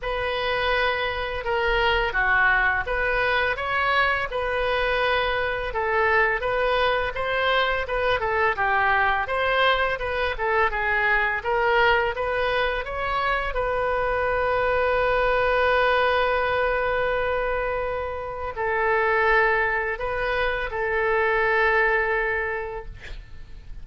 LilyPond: \new Staff \with { instrumentName = "oboe" } { \time 4/4 \tempo 4 = 84 b'2 ais'4 fis'4 | b'4 cis''4 b'2 | a'4 b'4 c''4 b'8 a'8 | g'4 c''4 b'8 a'8 gis'4 |
ais'4 b'4 cis''4 b'4~ | b'1~ | b'2 a'2 | b'4 a'2. | }